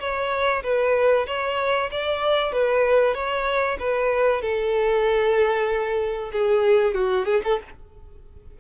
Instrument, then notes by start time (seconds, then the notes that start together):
violin
0.00 C#5
0.63 B4
1.27 C#5
1.91 D5
2.53 B4
3.14 C#5
3.79 B4
4.42 A4
6.33 G#4
6.94 F#4
7.25 G#4
7.44 A4